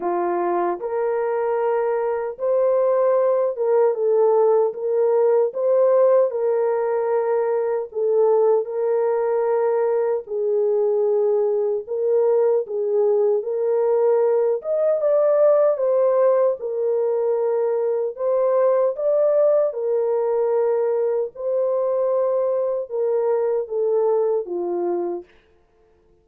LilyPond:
\new Staff \with { instrumentName = "horn" } { \time 4/4 \tempo 4 = 76 f'4 ais'2 c''4~ | c''8 ais'8 a'4 ais'4 c''4 | ais'2 a'4 ais'4~ | ais'4 gis'2 ais'4 |
gis'4 ais'4. dis''8 d''4 | c''4 ais'2 c''4 | d''4 ais'2 c''4~ | c''4 ais'4 a'4 f'4 | }